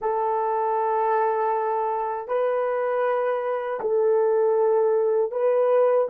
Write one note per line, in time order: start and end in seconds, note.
0.01 2.28 A4
2.28 3.79 B4
3.80 5.31 A4
5.31 6.07 B4